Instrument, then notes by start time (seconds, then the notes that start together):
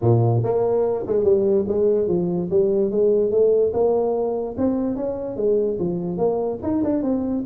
tuba
0.01 A#2
0.43 A#3
1.06 G#3
1.24 G3
1.68 G#3
2.08 F3
2.50 G3
2.90 G#3
3.30 A3
3.73 A#3
4.57 C4
4.96 C#4
5.36 G#3
5.79 F3
6.17 A#3
6.62 D#4
6.83 D4
7.02 C4